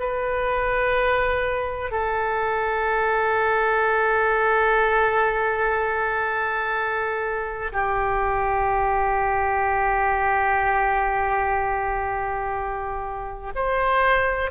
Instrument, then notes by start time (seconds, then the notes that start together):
oboe
0.00 B4
1.92 A4
7.73 G4
13.56 C5